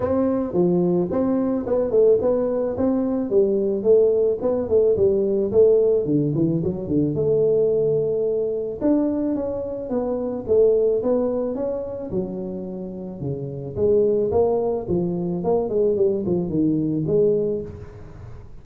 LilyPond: \new Staff \with { instrumentName = "tuba" } { \time 4/4 \tempo 4 = 109 c'4 f4 c'4 b8 a8 | b4 c'4 g4 a4 | b8 a8 g4 a4 d8 e8 | fis8 d8 a2. |
d'4 cis'4 b4 a4 | b4 cis'4 fis2 | cis4 gis4 ais4 f4 | ais8 gis8 g8 f8 dis4 gis4 | }